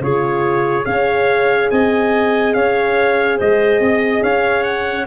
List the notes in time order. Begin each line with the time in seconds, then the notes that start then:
0.00 C#3 F4 G#4 C#5
0.83 C#4 G#4 C#5 F5
1.70 C4 D#5 G#5
2.53 C#4 C#5 F5
3.38 G#3 C5 D#5
3.80 C4 D#5
4.23 C#4 C#5 F5
4.63 F#5